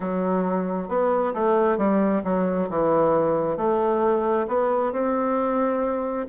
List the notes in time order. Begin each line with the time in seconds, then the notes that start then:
0.00 F#3
0.88 B3
1.34 A3
1.77 G3
2.24 F#3
2.69 E3
3.57 A3
4.47 B3
4.92 C4